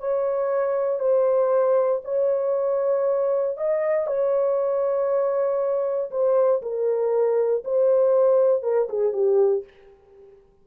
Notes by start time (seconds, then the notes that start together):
0.00 C#5
1.00 C5
2.05 C#5
3.58 D#5
4.07 C#5
6.11 C5
6.62 A#4
7.65 C5
8.63 A#4
8.89 G#4
9.13 G4